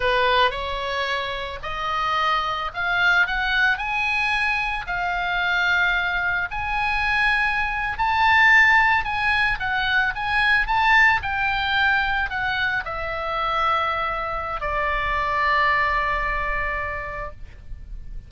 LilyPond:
\new Staff \with { instrumentName = "oboe" } { \time 4/4 \tempo 4 = 111 b'4 cis''2 dis''4~ | dis''4 f''4 fis''4 gis''4~ | gis''4 f''2. | gis''2~ gis''8. a''4~ a''16~ |
a''8. gis''4 fis''4 gis''4 a''16~ | a''8. g''2 fis''4 e''16~ | e''2. d''4~ | d''1 | }